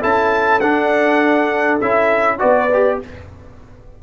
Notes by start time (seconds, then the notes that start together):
0.00 C#4 E4 A4 A5
0.60 D4 F#5
1.81 C#4 E4 E5
2.39 B3 F#4 B4 D5
2.73 G4